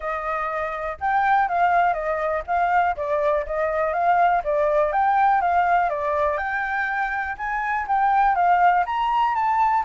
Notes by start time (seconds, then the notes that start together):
0.00 D#5
1.00 G5
1.48 F5
1.93 D#5
2.47 F5
2.96 D5
3.46 D#5
3.93 F5
4.44 D5
4.92 G5
5.41 F5
5.89 D5
6.37 G5
7.37 G#5
7.87 G5
8.35 F5
8.86 A#5
9.34 A5